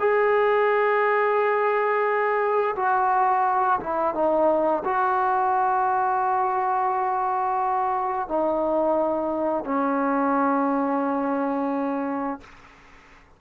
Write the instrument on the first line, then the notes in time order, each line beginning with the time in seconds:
trombone
0.00 G#4
2.76 F#4
3.80 E4
4.15 D#4
4.85 F#4
8.29 D#4
9.65 C#4